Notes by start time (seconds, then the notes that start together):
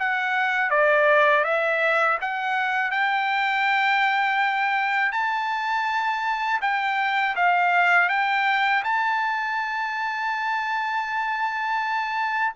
0.00 F#5
0.70 D5
1.44 E5
2.21 F#5
2.91 G5
5.12 A5
6.62 G5
7.36 F5
8.09 G5
8.84 A5